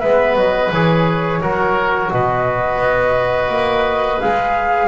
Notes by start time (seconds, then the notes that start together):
0.00 G#3 B3 B4 E5
0.36 F#3 D#5
0.72 E3 G#4 C#5
1.42 F#3 F#4 A#4
2.11 B2 B4 D#5
2.79 B3
3.49 A#3
4.21 G#3 G#4 F5